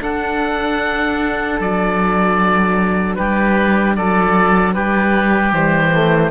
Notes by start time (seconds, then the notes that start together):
0.00 D4 A4 F#5
1.59 F#3 D5
3.15 G3 G4 B4
3.95 F#3 A4 D5
4.74 G3 G4 B4
5.52 E3 G3 C5
5.91 A3